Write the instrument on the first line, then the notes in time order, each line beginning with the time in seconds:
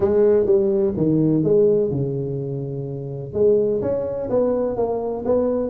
tuba
0.00 G#3
0.46 G3
0.97 D#3
1.43 G#3
1.90 C#3
3.33 G#3
3.81 C#4
4.29 B3
4.76 A#3
5.25 B3